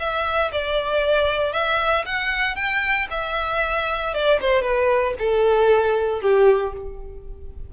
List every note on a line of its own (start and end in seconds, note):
0.00 0.52 E5
0.53 1.53 D5
1.53 2.05 E5
2.06 2.56 F#5
2.56 3.08 G5
3.11 4.14 E5
4.14 4.40 D5
4.41 4.62 C5
4.62 5.14 B4
5.19 6.22 A4
6.22 6.73 G4